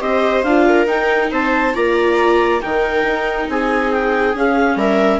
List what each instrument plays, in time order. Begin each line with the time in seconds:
0.00 bassoon C4, viola G4 C5, clarinet D#5
0.44 bassoon D4, viola F4, clarinet F5
0.68 viola A#4
0.86 bassoon D#4, viola D#4, clarinet G5
1.32 bassoon C4, viola C5, clarinet A5
1.74 bassoon A#3, viola F4 D5, clarinet A#5
2.61 bassoon D#3, viola D#4 A#4, clarinet G5
3.04 bassoon D#4
3.49 bassoon C4, viola G#4, clarinet G#5
3.92 clarinet G5
4.35 bassoon C#4, viola C#4, clarinet F5
4.76 bassoon G3, viola A#4, clarinet E5